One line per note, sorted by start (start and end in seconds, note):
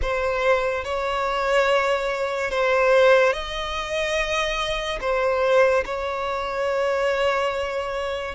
0.01 0.84 C5
0.84 2.50 C#5
2.50 3.32 C5
3.32 4.99 D#5
5.00 5.84 C5
5.85 8.34 C#5